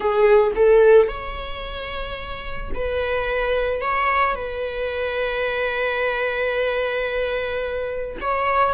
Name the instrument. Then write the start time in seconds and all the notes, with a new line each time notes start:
viola
0.00 G#4
0.55 A4
1.08 C#5
2.74 B4
3.81 C#5
4.35 B4
8.21 C#5